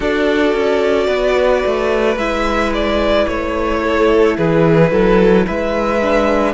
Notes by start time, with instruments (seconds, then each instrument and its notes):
0.00 cello D4, viola F#4, violin A4 D5
0.53 cello C#4
1.06 cello B3, violin B4
1.65 cello A3
2.16 cello G#3, viola E4, violin E5
2.73 violin D5
3.27 cello A3, violin C#5
3.82 violin A4
4.37 cello E3, violin G#4 B4
4.91 cello F#3, violin A4
5.45 cello G#3, violin B4 E5
6.01 viola D4